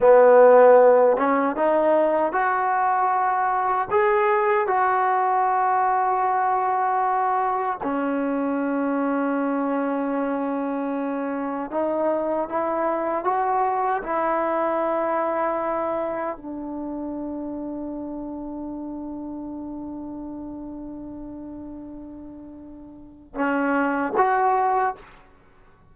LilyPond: \new Staff \with { instrumentName = "trombone" } { \time 4/4 \tempo 4 = 77 b4. cis'8 dis'4 fis'4~ | fis'4 gis'4 fis'2~ | fis'2 cis'2~ | cis'2. dis'4 |
e'4 fis'4 e'2~ | e'4 d'2.~ | d'1~ | d'2 cis'4 fis'4 | }